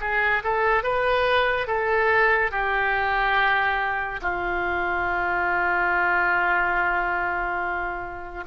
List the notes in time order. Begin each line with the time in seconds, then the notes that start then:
0.00 G#4
0.43 A4
0.83 B4
1.67 A4
2.51 G4
4.21 F4